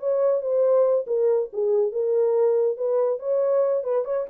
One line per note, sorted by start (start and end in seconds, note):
0.00 0.42 C#5
0.42 1.06 C5
1.07 1.50 A#4
1.53 1.92 G#4
1.92 2.78 A#4
2.78 3.19 B4
3.19 3.84 C#5
3.84 4.05 B4
4.05 4.27 C#5